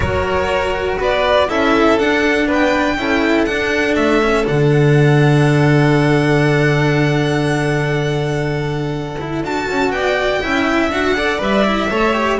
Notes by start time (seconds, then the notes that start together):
0.00 F#3 F#4 A#4 C#5
0.98 B3 B4 D5
1.48 C#4 E4 A4 E5
1.98 D4 F#5
2.47 B3 B4 G5
2.96 C#4 E4 A4
3.45 D4 F#5
3.95 A3 E5
4.22 C#4
4.44 D3 D4 F#5
9.20 E4
9.42 D4 F#4 A5
9.68 C#4
9.90 B3 D5 G5
10.41 C#4 E4 E5
10.88 D4 F#4 F#5
11.15 A4 D5
11.38 G3 B4 E5
11.64 E4
11.90 A3 A4 C#5
12.13 G4